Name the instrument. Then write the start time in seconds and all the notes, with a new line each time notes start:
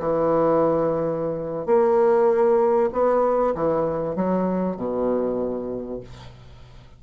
bassoon
0.00 E3
1.66 A#3
2.93 B3
3.55 E3
4.16 F#3
4.77 B2